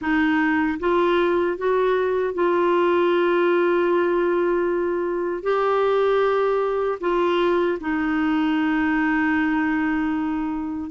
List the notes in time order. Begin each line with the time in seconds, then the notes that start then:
0.01 D#4
0.79 F4
1.57 F#4
2.33 F4
5.43 G4
7.00 F4
7.80 D#4